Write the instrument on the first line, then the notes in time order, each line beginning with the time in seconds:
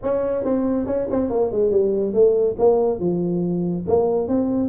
tuba
0.03 C#4
0.44 C4
0.86 C#4
1.10 C4
1.30 A#3
1.51 G#3
1.70 G3
2.13 A3
2.59 A#3
2.99 F3
3.87 A#3
4.27 C4